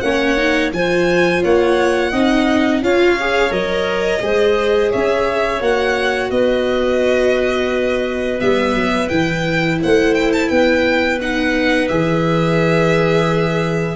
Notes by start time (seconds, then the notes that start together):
0.00 A#3 C#4 C#5 F#5
0.36 D#4
0.72 F3 F4 C5 G#5
1.42 A#3 C#5 F#5
2.11 C4 D#4 D#5
2.81 C#4 F4 C#5 F5
3.20 G#4
3.50 F#3 A#4 D#5
4.20 G#3 G#4 C5
4.90 C#4 C#5 E5
5.60 A#3 F#4 F#5
6.30 B3 B4 D#5
8.39 G3 B3 E5
8.74 F#3
9.08 E3 E4 G5
9.81 A3 C5 F#5
10.14 G5
10.32 A5
10.48 B3 B4 G5
11.21 D#4 F#5
11.87 E3 G#4 E5